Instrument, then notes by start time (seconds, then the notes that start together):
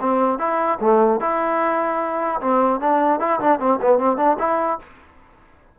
trombone
0.00 C4
0.38 E4
0.81 A3
1.20 E4
2.41 C4
2.80 D4
3.20 E4
3.40 D4
3.59 C4
3.81 B3
3.98 C4
4.17 D4
4.39 E4